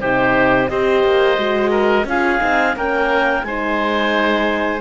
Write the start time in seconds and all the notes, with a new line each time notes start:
0.00 C3 D#4 G4 C5
0.69 C4 G4 C5 D#5
1.04 A#3
1.36 G#3 F#4
1.71 A#4
2.04 C#4 F4 G#4 F5
2.40 C4 D#4
2.76 A#3 C#4 A#4 G5
3.43 G#3 D#4 C5 G#5